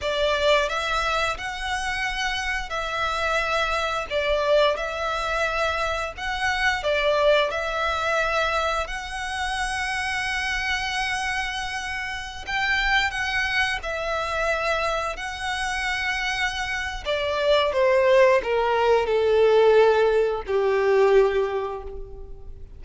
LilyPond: \new Staff \with { instrumentName = "violin" } { \time 4/4 \tempo 4 = 88 d''4 e''4 fis''2 | e''2 d''4 e''4~ | e''4 fis''4 d''4 e''4~ | e''4 fis''2.~ |
fis''2~ fis''16 g''4 fis''8.~ | fis''16 e''2 fis''4.~ fis''16~ | fis''4 d''4 c''4 ais'4 | a'2 g'2 | }